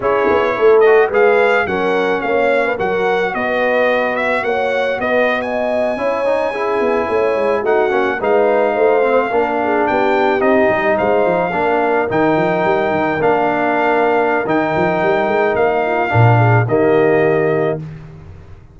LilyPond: <<
  \new Staff \with { instrumentName = "trumpet" } { \time 4/4 \tempo 4 = 108 cis''4. dis''8 f''4 fis''4 | f''4 fis''4 dis''4. e''8 | fis''4 dis''8. gis''2~ gis''16~ | gis''4.~ gis''16 fis''4 f''4~ f''16~ |
f''4.~ f''16 g''4 dis''4 f''16~ | f''4.~ f''16 g''2 f''16~ | f''2 g''2 | f''2 dis''2 | }
  \new Staff \with { instrumentName = "horn" } { \time 4/4 gis'4 a'4 b'4 ais'4 | cis''8. b'16 ais'4 b'2 | cis''4 b'8. dis''4 cis''4 gis'16~ | gis'8. cis''4 fis'4 b'4 c''16~ |
c''8. ais'8 gis'8 g'2 c''16~ | c''8. ais'2.~ ais'16~ | ais'1~ | ais'8 f'8 ais'8 gis'8 g'2 | }
  \new Staff \with { instrumentName = "trombone" } { \time 4/4 e'4. fis'8 gis'4 cis'4~ | cis'4 fis'2.~ | fis'2~ fis'8. e'8 dis'8 e'16~ | e'4.~ e'16 dis'8 cis'8 dis'4~ dis'16~ |
dis'16 c'8 d'2 dis'4~ dis'16~ | dis'8. d'4 dis'2 d'16~ | d'2 dis'2~ | dis'4 d'4 ais2 | }
  \new Staff \with { instrumentName = "tuba" } { \time 4/4 cis'8 b8 a4 gis4 fis4 | ais4 fis4 b2 | ais4 b4.~ b16 cis'4~ cis'16~ | cis'16 b8 a8 gis8 a8 ais8 gis4 a16~ |
a8. ais4 b4 c'8 g8 gis16~ | gis16 f8 ais4 dis8 f8 g8 dis8 ais16~ | ais2 dis8 f8 g8 gis8 | ais4 ais,4 dis2 | }
>>